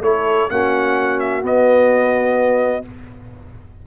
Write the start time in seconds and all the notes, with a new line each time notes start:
0.00 A3 E4 A4 C#5
0.50 A#3 C#4 F#4 F#5
1.19 E5
1.42 B3 D#5